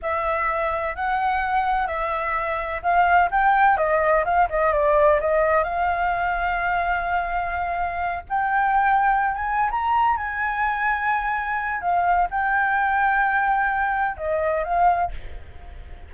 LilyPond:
\new Staff \with { instrumentName = "flute" } { \time 4/4 \tempo 4 = 127 e''2 fis''2 | e''2 f''4 g''4 | dis''4 f''8 dis''8 d''4 dis''4 | f''1~ |
f''4. g''2~ g''16 gis''16~ | gis''8 ais''4 gis''2~ gis''8~ | gis''4 f''4 g''2~ | g''2 dis''4 f''4 | }